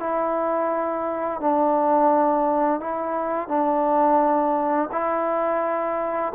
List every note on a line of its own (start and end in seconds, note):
0.00 1.41 E4
1.41 2.80 D4
2.80 3.48 E4
3.48 4.90 D4
4.92 6.33 E4